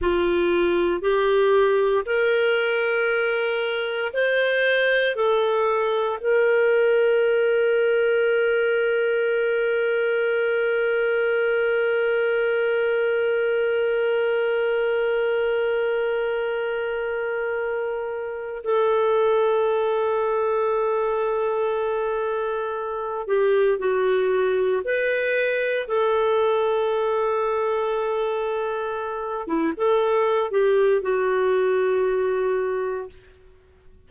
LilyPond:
\new Staff \with { instrumentName = "clarinet" } { \time 4/4 \tempo 4 = 58 f'4 g'4 ais'2 | c''4 a'4 ais'2~ | ais'1~ | ais'1~ |
ais'2 a'2~ | a'2~ a'8 g'8 fis'4 | b'4 a'2.~ | a'8 e'16 a'8. g'8 fis'2 | }